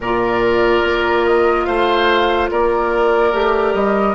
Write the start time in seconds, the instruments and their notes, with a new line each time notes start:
0.00 bassoon A#2, clarinet F4, oboe A#4, flute D5
0.83 bassoon A#3
1.25 flute D#5
1.65 bassoon A3, oboe C5, flute F5
2.51 bassoon A#3, oboe A#4, flute D5
3.32 bassoon A3, clarinet G4
3.74 bassoon G3, flute D#5